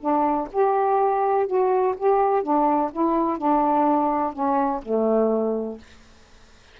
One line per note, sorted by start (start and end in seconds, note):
0.00 0.48 D4
0.52 1.47 G4
1.47 1.95 F#4
1.97 2.43 G4
2.43 2.91 D4
2.92 3.37 E4
3.37 4.33 D4
4.33 4.81 C#4
4.82 5.78 A3